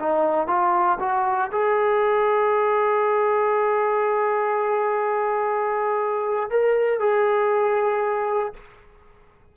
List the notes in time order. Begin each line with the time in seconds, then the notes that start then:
0.00 D#4
0.48 F4
1.00 F#4
1.52 G#4
6.51 A#4
7.00 G#4